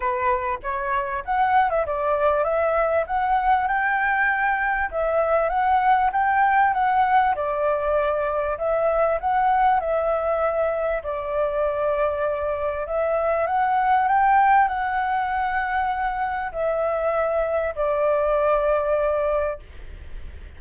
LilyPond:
\new Staff \with { instrumentName = "flute" } { \time 4/4 \tempo 4 = 98 b'4 cis''4 fis''8. e''16 d''4 | e''4 fis''4 g''2 | e''4 fis''4 g''4 fis''4 | d''2 e''4 fis''4 |
e''2 d''2~ | d''4 e''4 fis''4 g''4 | fis''2. e''4~ | e''4 d''2. | }